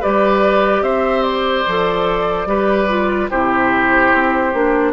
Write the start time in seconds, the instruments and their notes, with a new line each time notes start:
0.00 bassoon G3, clarinet G4, oboe B4, flute D5
0.81 bassoon C4, oboe C5, flute E5
1.23 flute D5
1.67 bassoon F3, clarinet A4
2.46 bassoon G3, clarinet G4, oboe B4
2.88 clarinet F4
3.30 bassoon C3, clarinet E4, oboe G4, flute C5
4.14 bassoon C4
4.53 bassoon A#3, clarinet D4